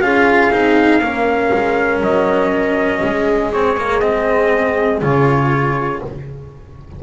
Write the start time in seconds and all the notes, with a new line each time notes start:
0.00 C#4 F4 G#4 F5
0.51 C4 D#4
1.01 A#3 C#4 A#4
1.53 G#3
2.00 F#3 D#5
3.03 G#3 G#4
3.52 C4 C#5
3.76 A#3
4.00 C4 D#5
5.01 C#3 F4 C#5